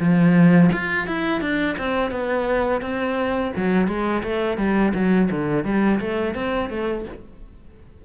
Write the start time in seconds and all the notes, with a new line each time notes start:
0.00 F3
0.73 F4
1.07 E4
1.41 D4
1.79 C4
2.11 B3
2.82 C4
3.56 F#3
3.88 G#3
4.24 A3
4.58 G3
4.94 F#3
5.31 D3
5.65 G3
6.01 A3
6.35 C4
6.70 A3